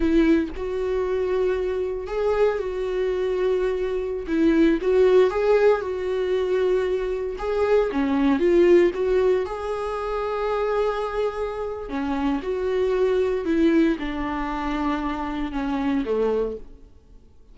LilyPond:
\new Staff \with { instrumentName = "viola" } { \time 4/4 \tempo 4 = 116 e'4 fis'2. | gis'4 fis'2.~ | fis'16 e'4 fis'4 gis'4 fis'8.~ | fis'2~ fis'16 gis'4 cis'8.~ |
cis'16 f'4 fis'4 gis'4.~ gis'16~ | gis'2. cis'4 | fis'2 e'4 d'4~ | d'2 cis'4 a4 | }